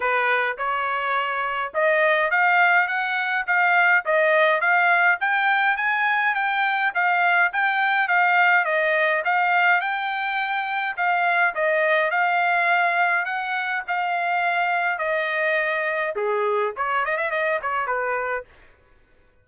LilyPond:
\new Staff \with { instrumentName = "trumpet" } { \time 4/4 \tempo 4 = 104 b'4 cis''2 dis''4 | f''4 fis''4 f''4 dis''4 | f''4 g''4 gis''4 g''4 | f''4 g''4 f''4 dis''4 |
f''4 g''2 f''4 | dis''4 f''2 fis''4 | f''2 dis''2 | gis'4 cis''8 dis''16 e''16 dis''8 cis''8 b'4 | }